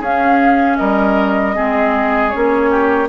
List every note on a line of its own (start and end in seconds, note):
0.00 0.77 C#4
0.00 1.54 C#4
0.00 0.77 G#4
0.00 0.77 F5
0.77 1.57 G3
0.77 1.55 A#4
0.77 2.31 D#5
1.54 2.34 G#3
1.54 2.31 C4
1.54 2.70 G#4
2.31 3.08 A#3
2.31 3.08 C#4
2.31 3.08 C#5
2.70 3.08 G4